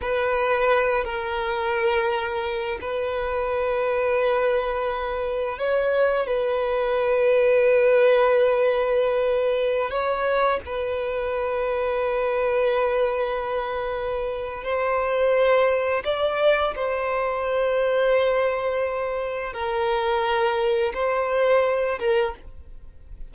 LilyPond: \new Staff \with { instrumentName = "violin" } { \time 4/4 \tempo 4 = 86 b'4. ais'2~ ais'8 | b'1 | cis''4 b'2.~ | b'2~ b'16 cis''4 b'8.~ |
b'1~ | b'4 c''2 d''4 | c''1 | ais'2 c''4. ais'8 | }